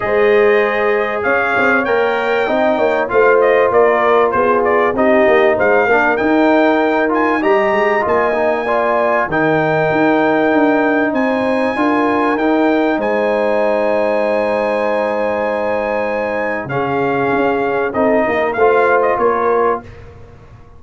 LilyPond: <<
  \new Staff \with { instrumentName = "trumpet" } { \time 4/4 \tempo 4 = 97 dis''2 f''4 g''4~ | g''4 f''8 dis''8 d''4 c''8 d''8 | dis''4 f''4 g''4. gis''8 | ais''4 gis''2 g''4~ |
g''2 gis''2 | g''4 gis''2.~ | gis''2. f''4~ | f''4 dis''4 f''8. dis''16 cis''4 | }
  \new Staff \with { instrumentName = "horn" } { \time 4/4 c''2 cis''2 | dis''8 cis''8 c''4 ais'4 gis'4 | g'4 c''8 ais'2~ ais'8 | dis''2 d''4 ais'4~ |
ais'2 c''4 ais'4~ | ais'4 c''2.~ | c''2. gis'4~ | gis'4 a'8 ais'8 c''4 ais'4 | }
  \new Staff \with { instrumentName = "trombone" } { \time 4/4 gis'2. ais'4 | dis'4 f'2. | dis'4. d'8 dis'4. f'8 | g'4 f'8 dis'8 f'4 dis'4~ |
dis'2. f'4 | dis'1~ | dis'2. cis'4~ | cis'4 dis'4 f'2 | }
  \new Staff \with { instrumentName = "tuba" } { \time 4/4 gis2 cis'8 c'8 ais4 | c'8 ais8 a4 ais4 b4 | c'8 ais8 gis8 ais8 dis'2 | g8 gis8 ais2 dis4 |
dis'4 d'4 c'4 d'4 | dis'4 gis2.~ | gis2. cis4 | cis'4 c'8 ais8 a4 ais4 | }
>>